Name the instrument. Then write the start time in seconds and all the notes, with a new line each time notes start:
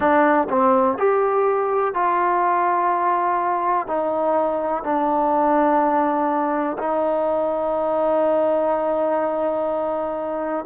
trombone
0.00 D4
0.49 C4
0.98 G4
1.94 F4
3.87 D#4
4.83 D4
6.78 D#4